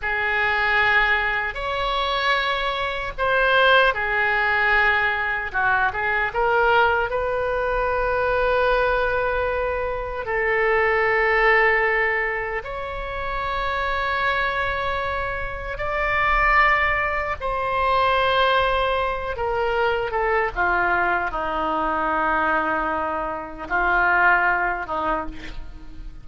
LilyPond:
\new Staff \with { instrumentName = "oboe" } { \time 4/4 \tempo 4 = 76 gis'2 cis''2 | c''4 gis'2 fis'8 gis'8 | ais'4 b'2.~ | b'4 a'2. |
cis''1 | d''2 c''2~ | c''8 ais'4 a'8 f'4 dis'4~ | dis'2 f'4. dis'8 | }